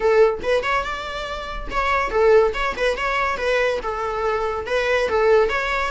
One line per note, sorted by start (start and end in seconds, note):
0.00 0.40 A4
0.42 0.62 B4
0.62 0.83 C#5
0.83 1.68 D5
1.70 2.10 C#5
2.10 2.52 A4
2.54 2.75 C#5
2.77 2.96 B4
2.96 3.37 C#5
3.37 3.79 B4
3.82 4.66 A4
4.66 5.08 B4
5.08 5.49 A4
5.49 5.91 C#5